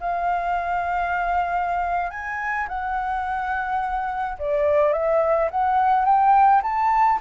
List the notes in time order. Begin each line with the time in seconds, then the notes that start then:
0.00 F5
2.10 G#5
2.68 F#5
4.38 D5
4.92 E5
5.50 F#5
6.05 G5
6.62 A5